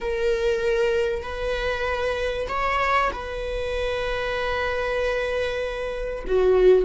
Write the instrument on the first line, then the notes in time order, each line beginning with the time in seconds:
viola
0.01 A#4
1.22 B4
2.48 C#5
3.12 B4
6.27 F#4